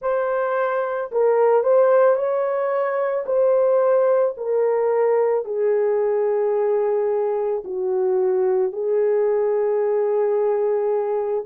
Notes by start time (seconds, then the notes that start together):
0.01 C5
1.11 A#4
1.63 C5
2.15 C#5
3.26 C5
4.37 A#4
5.44 G#4
7.64 F#4
8.72 G#4